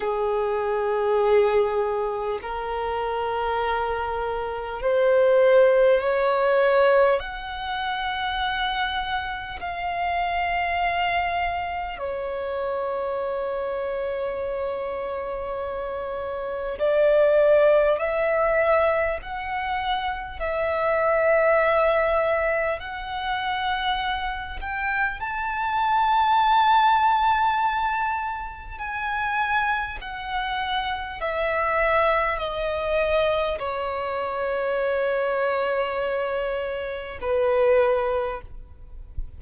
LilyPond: \new Staff \with { instrumentName = "violin" } { \time 4/4 \tempo 4 = 50 gis'2 ais'2 | c''4 cis''4 fis''2 | f''2 cis''2~ | cis''2 d''4 e''4 |
fis''4 e''2 fis''4~ | fis''8 g''8 a''2. | gis''4 fis''4 e''4 dis''4 | cis''2. b'4 | }